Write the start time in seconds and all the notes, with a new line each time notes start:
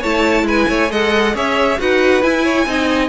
0.00 A3 E4 C#5 A5
0.43 G#3 B4 G#5
0.69 A3 C#5
0.89 G#3 A4 D#5 F#5
1.33 C#4 G#4 C#5 E5
1.77 D#4 F#4 B4 F#5
2.22 E4 G#5
2.44 C#5
2.65 C4 D#4 D#5